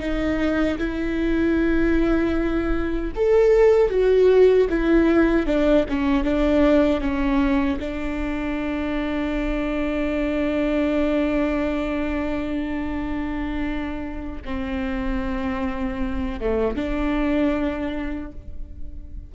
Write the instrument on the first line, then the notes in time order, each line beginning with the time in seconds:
viola
0.00 D#4
0.78 E4
3.15 A4
3.90 F#4
4.69 E4
5.46 D4
5.89 C#4
6.24 D4
7.01 C#4
7.80 D4
14.45 C4
16.40 A3
16.76 D4